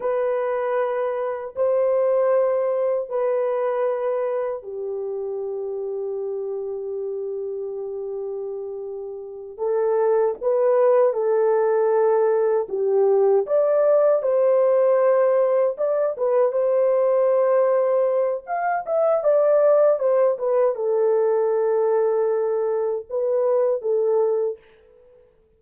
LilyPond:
\new Staff \with { instrumentName = "horn" } { \time 4/4 \tempo 4 = 78 b'2 c''2 | b'2 g'2~ | g'1~ | g'8 a'4 b'4 a'4.~ |
a'8 g'4 d''4 c''4.~ | c''8 d''8 b'8 c''2~ c''8 | f''8 e''8 d''4 c''8 b'8 a'4~ | a'2 b'4 a'4 | }